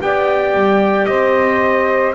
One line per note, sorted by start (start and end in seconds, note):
0.00 0.54 B3
0.00 2.14 G4
0.00 1.08 D5
0.00 1.06 G5
0.54 1.07 G3
1.06 2.15 C4
1.06 2.15 C5
1.06 2.13 D#5